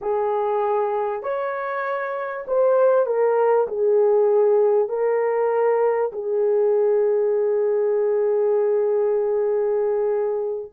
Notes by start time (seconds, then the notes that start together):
0.01 G#4
1.22 C#5
2.47 C5
3.06 A#4
3.67 G#4
4.88 A#4
6.12 G#4